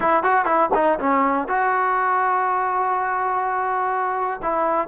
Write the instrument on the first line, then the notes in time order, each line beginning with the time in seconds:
trombone
0.00 E4
0.23 F#4
0.45 E4
0.74 D#4
0.99 C#4
1.48 F#4
4.42 E4